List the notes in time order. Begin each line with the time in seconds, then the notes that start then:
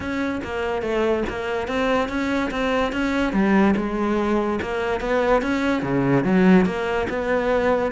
0.00 C#4
0.44 A#3
0.81 A3
1.29 A#3
1.67 C4
2.08 C#4
2.51 C4
2.92 C#4
3.32 G3
3.76 G#3
4.61 A#3
5.00 B3
5.41 C#4
5.82 C#3
6.23 F#3
6.65 A#3
7.09 B3